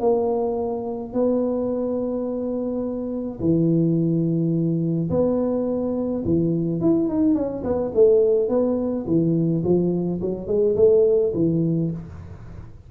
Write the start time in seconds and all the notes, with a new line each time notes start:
0.00 A#3
1.13 B3
3.40 E3
5.10 B3
6.25 E3
6.81 E4
7.09 D#4
7.35 C#4
7.63 B3
7.95 A3
8.49 B3
9.07 E3
9.64 F3
10.21 F#3
10.47 G#3
10.76 A3
11.34 E3